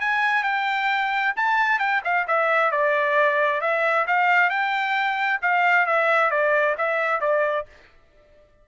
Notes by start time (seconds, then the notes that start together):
0.00 G#5
0.43 G5
1.36 A5
1.79 G5
2.04 F5
2.27 E5
2.71 D5
3.61 E5
4.07 F5
4.49 G5
5.42 F5
5.86 E5
6.30 D5
6.78 E5
7.21 D5